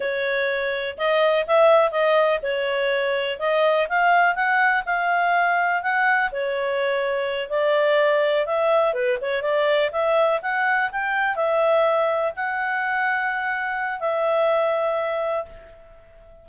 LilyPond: \new Staff \with { instrumentName = "clarinet" } { \time 4/4 \tempo 4 = 124 cis''2 dis''4 e''4 | dis''4 cis''2 dis''4 | f''4 fis''4 f''2 | fis''4 cis''2~ cis''8 d''8~ |
d''4. e''4 b'8 cis''8 d''8~ | d''8 e''4 fis''4 g''4 e''8~ | e''4. fis''2~ fis''8~ | fis''4 e''2. | }